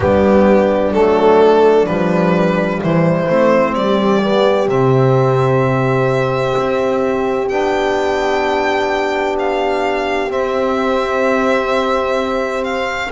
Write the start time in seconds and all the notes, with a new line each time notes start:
0.00 G3 B3 D4 G4
0.93 F#3 A3 A4
1.86 F3 G3 B4
2.81 E3 E4 C5
3.27 A3 C4
3.74 G3 G4 D5
4.22 B3
4.67 C3 C4 E5
6.58 C4
7.48 B3 D4 G5
9.38 F5
10.29 C4 E5
12.64 F5